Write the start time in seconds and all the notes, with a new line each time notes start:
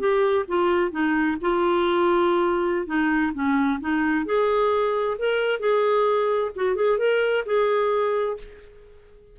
0.00 G4
0.48 F4
0.92 D#4
1.42 F4
2.87 D#4
3.34 C#4
3.81 D#4
4.26 G#4
5.19 A#4
5.60 G#4
6.56 F#4
6.76 G#4
6.99 A#4
7.46 G#4